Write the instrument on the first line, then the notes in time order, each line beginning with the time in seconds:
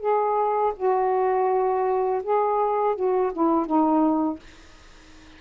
saxophone
0.00 G#4
0.76 F#4
2.23 G#4
2.95 F#4
3.33 E4
3.66 D#4